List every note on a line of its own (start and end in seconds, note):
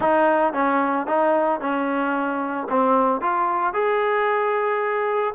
0.00 0.53 D#4
0.53 1.06 C#4
1.07 1.60 D#4
1.60 2.67 C#4
2.69 3.21 C4
3.21 3.73 F4
3.73 5.34 G#4